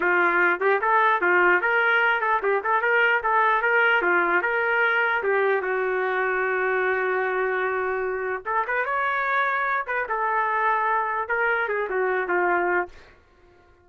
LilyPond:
\new Staff \with { instrumentName = "trumpet" } { \time 4/4 \tempo 4 = 149 f'4. g'8 a'4 f'4 | ais'4. a'8 g'8 a'8 ais'4 | a'4 ais'4 f'4 ais'4~ | ais'4 g'4 fis'2~ |
fis'1~ | fis'4 a'8 b'8 cis''2~ | cis''8 b'8 a'2. | ais'4 gis'8 fis'4 f'4. | }